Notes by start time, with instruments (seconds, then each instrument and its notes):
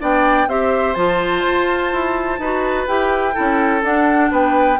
0.00 bassoon B3, clarinet D4, oboe D5, flute G5
0.47 bassoon C4, clarinet G4, oboe C5, flute E5
0.94 bassoon F3, clarinet F4, flute A5
1.48 bassoon F4
1.93 bassoon E4
2.39 bassoon D#4, clarinet F#4, oboe B4
2.87 bassoon E4, clarinet G4, flute G5
3.33 clarinet E4, oboe A4
3.40 bassoon C#4
3.83 clarinet D4, bassoon D4, flute F#5
4.32 bassoon B3, oboe B4, flute G5